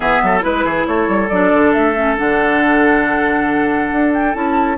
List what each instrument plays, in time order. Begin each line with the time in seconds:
0.00 bassoon E3, clarinet B3, oboe G#4, flute E5
0.22 bassoon F#3, oboe A4
0.40 bassoon G#3, clarinet E4, flute B4, oboe B4
0.64 bassoon E3, oboe G#4
0.86 bassoon A3, oboe A4, flute C#5
1.08 bassoon G3
1.28 bassoon F#3, clarinet D4, flute D5
1.53 bassoon D3
1.72 bassoon A3, flute E5
1.95 clarinet C#4
2.16 bassoon D3, clarinet D4, flute F#5
3.91 bassoon D4
4.13 flute G5
4.33 bassoon C#4, clarinet E4, flute A5